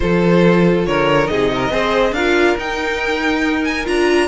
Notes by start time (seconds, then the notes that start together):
0.00 F3 F4 A4 C5
0.85 D3 A#4 C#5
1.26 C3 D#4 G#4 D#5
1.54 A#4
1.70 C4 G#4 C5
2.12 D4 F4 A#4 F5
2.57 D#4 G5
3.64 G#5
3.85 D4 F4 A#5